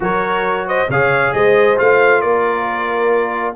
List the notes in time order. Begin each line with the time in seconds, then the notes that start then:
0.00 F#3 F#4 A#4 C#5
0.66 C5 D#5
0.88 C#3 G#4 C#5 F5
1.33 G#3 C5 D#5
1.76 A3 F4 F5
2.21 A#3 A#4 D5